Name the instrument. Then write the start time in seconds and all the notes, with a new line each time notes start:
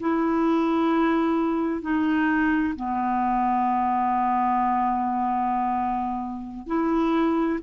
clarinet
0.00 E4
1.82 D#4
2.76 B3
6.67 E4